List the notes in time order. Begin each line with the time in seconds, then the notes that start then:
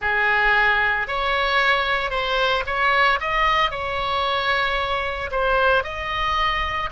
0.01 G#4
1.07 C#5
2.10 C5
2.66 C#5
3.20 D#5
3.70 C#5
5.31 C5
5.83 D#5